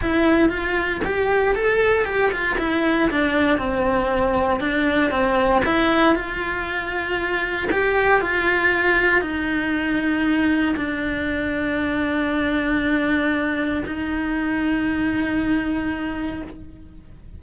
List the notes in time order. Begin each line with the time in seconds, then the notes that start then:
0.01 E4
0.49 F4
1.04 G4
1.55 A4
2.05 G4
2.31 F4
2.58 E4
3.10 D4
3.58 C4
4.59 D4
5.10 C4
5.65 E4
6.15 F4
7.71 G4
8.21 F4
9.21 D#4
10.76 D4
13.86 D#4